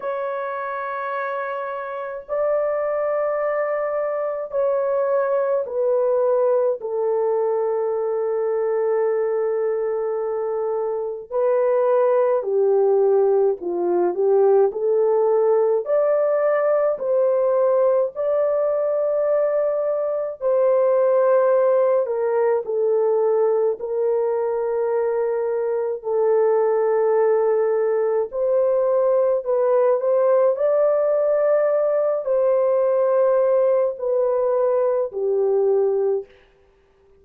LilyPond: \new Staff \with { instrumentName = "horn" } { \time 4/4 \tempo 4 = 53 cis''2 d''2 | cis''4 b'4 a'2~ | a'2 b'4 g'4 | f'8 g'8 a'4 d''4 c''4 |
d''2 c''4. ais'8 | a'4 ais'2 a'4~ | a'4 c''4 b'8 c''8 d''4~ | d''8 c''4. b'4 g'4 | }